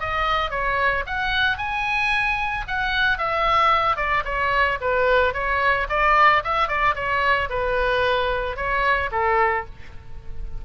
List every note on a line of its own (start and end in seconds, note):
0.00 0.51 D#5
0.51 1.04 C#5
1.06 1.58 F#5
1.58 2.65 G#5
2.68 3.18 F#5
3.18 3.97 E5
3.97 4.23 D5
4.25 4.78 C#5
4.81 5.34 B4
5.34 5.88 C#5
5.89 6.43 D5
6.44 6.68 E5
6.68 6.95 D5
6.95 7.49 C#5
7.50 8.57 B4
8.57 9.10 C#5
9.12 9.66 A4